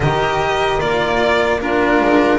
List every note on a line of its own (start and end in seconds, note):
0.00 0.79 D#3
0.00 0.79 G4
0.00 1.59 A#4
0.00 0.80 D#5
0.79 2.00 A#3
0.79 1.59 F4
0.79 1.60 D5
1.59 2.38 D4
1.59 2.38 F4
1.59 2.38 A#4
2.01 2.38 G#3